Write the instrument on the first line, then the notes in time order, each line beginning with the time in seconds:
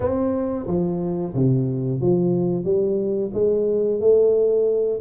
tuba
0.00 C4
0.67 F3
1.34 C3
2.00 F3
2.64 G3
3.33 G#3
4.00 A3